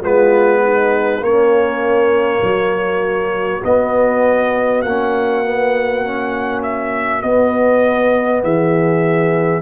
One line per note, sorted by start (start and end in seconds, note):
0.00 1.20 G#3
0.00 1.21 B3
0.00 0.60 F4
0.00 1.23 B4
0.63 1.22 D#4
1.20 2.40 A#3
1.20 3.61 A#3
1.20 2.39 C#4
1.20 3.63 C#5
2.39 3.62 F#3
2.39 8.39 F#4
3.64 4.83 B3
3.64 4.85 B3
3.64 4.82 D#5
4.82 7.23 A#3
4.82 5.44 C#4
4.82 6.62 F#5
5.44 6.04 B3
6.04 7.23 C#4
6.62 7.21 E5
7.21 8.43 B3
7.21 9.61 B3
7.21 8.42 D#5
8.43 9.61 E3
8.43 9.61 G#4
8.43 9.61 E5